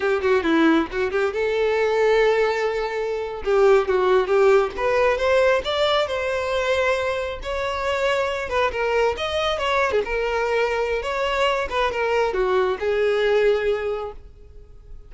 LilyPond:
\new Staff \with { instrumentName = "violin" } { \time 4/4 \tempo 4 = 136 g'8 fis'8 e'4 fis'8 g'8 a'4~ | a'2.~ a'8. g'16~ | g'8. fis'4 g'4 b'4 c''16~ | c''8. d''4 c''2~ c''16~ |
c''8. cis''2~ cis''8 b'8 ais'16~ | ais'8. dis''4 cis''8. gis'16 ais'4~ ais'16~ | ais'4 cis''4. b'8 ais'4 | fis'4 gis'2. | }